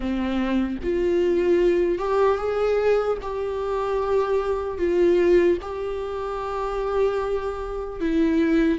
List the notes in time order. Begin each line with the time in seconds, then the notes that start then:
0.00 C4
0.83 F4
1.98 G4
2.37 G#4
3.22 G4
4.77 F4
5.61 G4
8.00 E4